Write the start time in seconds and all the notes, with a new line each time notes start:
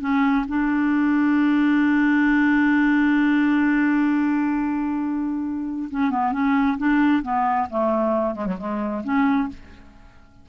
0.00 C#4
0.48 D4
5.90 C#4
6.10 B3
6.32 C#4
6.78 D4
7.22 B3
7.70 A3
8.35 G#3
8.46 F#3
8.58 G#3
9.03 C#4